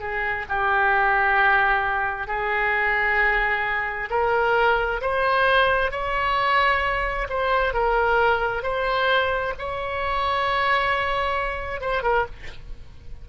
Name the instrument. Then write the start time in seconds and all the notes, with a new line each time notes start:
oboe
0.00 G#4
0.49 G4
2.28 G#4
4.10 A#4
5.02 C5
5.91 C#5
7.29 C5
7.74 A#4
8.63 C5
9.59 C#5
11.81 C5
12.03 A#4